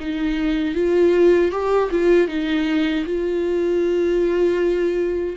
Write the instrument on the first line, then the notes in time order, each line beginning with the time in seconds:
viola
0.00 D#4
0.75 F4
1.52 G4
1.92 F4
2.28 D#4
3.06 F4